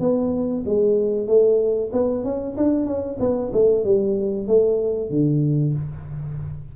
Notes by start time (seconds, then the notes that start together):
0.00 B3
0.66 G#3
1.27 A3
1.93 B3
2.24 C#4
2.57 D4
2.86 C#4
3.20 B3
3.53 A3
3.84 G3
4.47 A3
5.10 D3